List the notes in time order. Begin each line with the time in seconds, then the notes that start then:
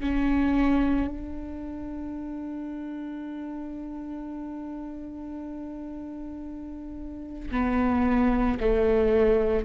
0.00 C#4
1.07 D4
7.51 B3
8.60 A3